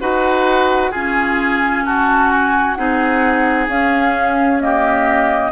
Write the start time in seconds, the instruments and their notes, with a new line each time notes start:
0.00 bassoon D#4, clarinet F#4, oboe B4, flute F#5
0.91 clarinet C#4, bassoon F4, oboe G#4, flute G#5
1.86 oboe F#4, bassoon F#4, flute A5
2.31 flute G#5
2.75 bassoon C4, clarinet D#4, oboe G#4, flute F#5
3.68 bassoon C#4, clarinet C#4, flute F5
4.61 clarinet A#3, oboe G4, flute D#5